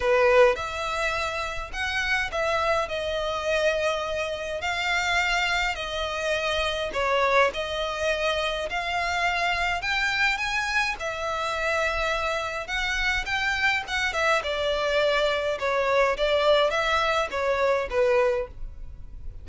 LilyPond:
\new Staff \with { instrumentName = "violin" } { \time 4/4 \tempo 4 = 104 b'4 e''2 fis''4 | e''4 dis''2. | f''2 dis''2 | cis''4 dis''2 f''4~ |
f''4 g''4 gis''4 e''4~ | e''2 fis''4 g''4 | fis''8 e''8 d''2 cis''4 | d''4 e''4 cis''4 b'4 | }